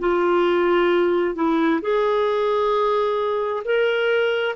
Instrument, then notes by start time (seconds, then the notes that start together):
clarinet
0.00 F4
1.36 E4
1.82 G#4
3.65 A#4